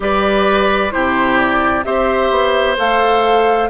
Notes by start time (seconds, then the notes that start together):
0.00 G3 G4 B4 D5
0.91 C3 E4 G4 C5
1.37 D5
1.84 C4 G4 C5 E5
2.30 B3
2.77 A3 A4 F5